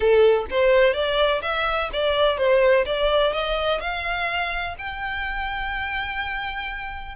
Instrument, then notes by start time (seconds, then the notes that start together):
violin
0.00 A4
0.50 C5
0.93 D5
1.42 E5
1.92 D5
2.37 C5
2.85 D5
3.32 D#5
3.80 F5
4.78 G5